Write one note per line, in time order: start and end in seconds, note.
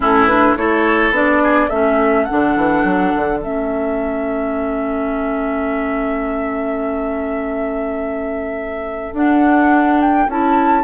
0.00 0.54 A2
0.00 0.29 C#4
0.00 0.58 E4
0.00 0.26 A4
0.26 0.57 D4
0.26 0.54 B4
0.56 1.11 A3
0.56 1.13 E4
0.56 1.42 A4
0.56 1.13 C#5
1.11 1.68 B3
1.11 1.70 D4
1.11 1.69 D5
1.42 1.69 G#4
1.69 2.28 A3
1.69 2.28 C#4
1.69 10.83 A4
1.69 2.24 E5
2.24 3.42 D4
2.24 3.38 F#5
2.31 2.56 D3
2.56 2.84 E3
2.84 3.12 F#3
3.16 3.43 D3
3.42 9.12 A3
3.42 9.13 C#4
3.42 9.14 E5
9.12 10.27 D4
9.12 10.29 D4
9.12 10.01 F#5
10.01 10.29 G5
10.27 10.83 C#4
10.27 10.83 E4
10.27 10.83 A5